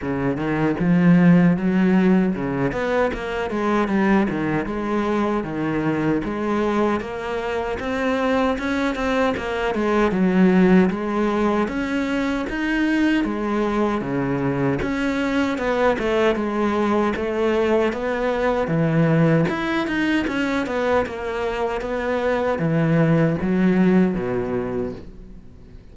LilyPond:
\new Staff \with { instrumentName = "cello" } { \time 4/4 \tempo 4 = 77 cis8 dis8 f4 fis4 cis8 b8 | ais8 gis8 g8 dis8 gis4 dis4 | gis4 ais4 c'4 cis'8 c'8 | ais8 gis8 fis4 gis4 cis'4 |
dis'4 gis4 cis4 cis'4 | b8 a8 gis4 a4 b4 | e4 e'8 dis'8 cis'8 b8 ais4 | b4 e4 fis4 b,4 | }